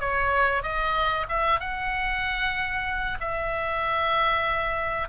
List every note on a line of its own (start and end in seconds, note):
0.00 0.63 C#5
0.63 1.26 D#5
1.29 1.60 E5
1.60 3.18 F#5
3.20 5.08 E5